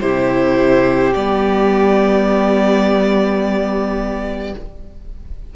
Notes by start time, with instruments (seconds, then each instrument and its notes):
0.00 cello C3, viola E4, violin G4 C5
1.14 cello G3, viola B3, violin D5